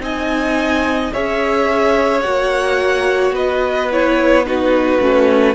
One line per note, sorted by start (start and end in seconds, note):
0.00 1.11 C4
0.00 1.12 D#4
0.00 1.13 D#5
0.00 1.13 G#5
1.13 2.25 C#4
1.13 2.24 G#4
1.13 3.35 C#5
1.13 2.21 E5
2.21 3.31 A#3
2.21 3.90 F#4
2.21 3.32 F#5
3.31 4.98 B3
3.31 4.46 B4
3.31 3.91 D#5
3.92 4.46 E4
3.92 4.46 C#5
4.46 5.01 D#4
4.46 5.55 F#4
4.46 5.55 B4
5.00 5.55 A3
5.00 5.55 C#4